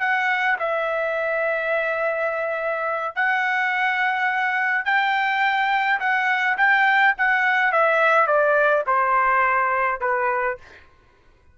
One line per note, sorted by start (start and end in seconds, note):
0.00 0.57 F#5
0.59 3.16 E5
3.16 4.85 F#5
4.85 5.99 G5
6.00 6.57 F#5
6.58 7.15 G5
7.18 7.72 F#5
7.72 8.27 E5
8.27 8.84 D5
8.87 10.01 C5
10.01 10.58 B4